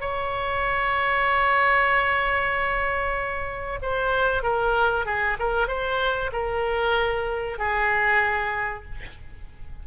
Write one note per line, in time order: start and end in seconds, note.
0.00 3.79 C#5
3.82 4.42 C5
4.42 5.05 A#4
5.05 5.37 G#4
5.39 5.67 A#4
5.67 6.30 C5
6.32 7.58 A#4
7.58 8.84 G#4